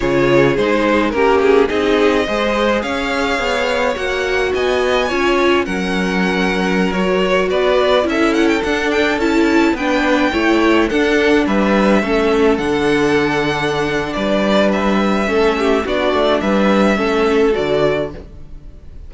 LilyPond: <<
  \new Staff \with { instrumentName = "violin" } { \time 4/4 \tempo 4 = 106 cis''4 c''4 ais'8 gis'8 dis''4~ | dis''4 f''2 fis''4 | gis''2 fis''2~ | fis''16 cis''4 d''4 e''8 fis''16 g''16 fis''8 g''16~ |
g''16 a''4 g''2 fis''8.~ | fis''16 e''2 fis''4.~ fis''16~ | fis''4 d''4 e''2 | d''4 e''2 d''4 | }
  \new Staff \with { instrumentName = "violin" } { \time 4/4 gis'2 g'4 gis'4 | c''4 cis''2. | dis''4 cis''4 ais'2~ | ais'4~ ais'16 b'4 a'4.~ a'16~ |
a'4~ a'16 b'4 cis''4 a'8.~ | a'16 b'4 a'2~ a'8.~ | a'4 b'2 a'8 g'8 | fis'4 b'4 a'2 | }
  \new Staff \with { instrumentName = "viola" } { \time 4/4 f'4 dis'4 cis'4 dis'4 | gis'2. fis'4~ | fis'4 f'4 cis'2~ | cis'16 fis'2 e'4 d'8.~ |
d'16 e'4 d'4 e'4 d'8.~ | d'4~ d'16 cis'4 d'4.~ d'16~ | d'2. cis'4 | d'2 cis'4 fis'4 | }
  \new Staff \with { instrumentName = "cello" } { \time 4/4 cis4 gis4 ais4 c'4 | gis4 cis'4 b4 ais4 | b4 cis'4 fis2~ | fis4~ fis16 b4 cis'4 d'8.~ |
d'16 cis'4 b4 a4 d'8.~ | d'16 g4 a4 d4.~ d16~ | d4 g2 a4 | b8 a8 g4 a4 d4 | }
>>